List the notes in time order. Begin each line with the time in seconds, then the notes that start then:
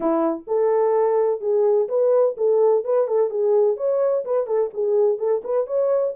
0.00 E4
0.47 A4
1.40 G#4
1.88 B4
2.37 A4
2.84 B4
3.07 A4
3.29 G#4
3.77 C#5
4.24 B4
4.46 A4
4.73 G#4
5.18 A4
5.43 B4
5.66 C#5